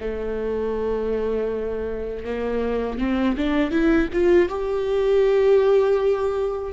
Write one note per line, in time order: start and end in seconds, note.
0.00 2.25 A3
2.25 2.98 A#3
2.98 3.36 C4
3.37 3.71 D4
3.71 4.08 E4
4.13 4.49 F4
4.49 6.73 G4